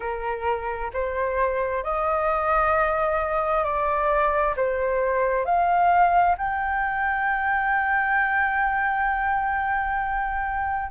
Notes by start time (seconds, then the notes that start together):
0.00 A#4
0.93 C5
1.83 D#5
3.64 D5
4.56 C5
5.45 F5
6.37 G5